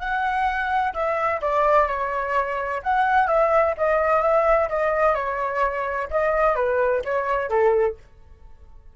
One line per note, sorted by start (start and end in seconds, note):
0.00 0.94 F#5
0.94 1.41 E5
1.42 1.89 D5
1.89 2.82 C#5
2.84 3.28 F#5
3.28 3.75 E5
3.78 4.22 D#5
4.22 4.69 E5
4.70 5.15 D#5
5.15 6.09 C#5
6.11 6.56 D#5
6.56 7.03 B4
7.05 7.50 C#5
7.50 7.97 A4